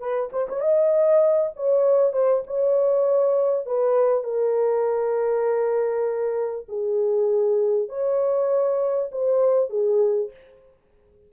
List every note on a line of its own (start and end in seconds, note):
0.00 0.30 B4
0.33 0.48 C5
0.49 0.61 C#5
0.61 1.52 D#5
1.56 2.13 C#5
2.13 2.43 C5
2.47 3.66 C#5
3.66 4.24 B4
4.24 6.66 A#4
6.69 7.89 G#4
7.89 9.10 C#5
9.12 9.70 C5
9.70 10.31 G#4